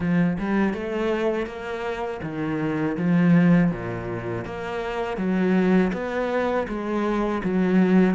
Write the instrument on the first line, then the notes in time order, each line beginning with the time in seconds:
cello
0.00 F3
0.38 G3
0.73 A3
1.46 A#3
2.22 D#3
2.97 F3
3.71 A#2
4.45 A#3
5.17 F#3
5.93 B3
6.67 G#3
7.43 F#3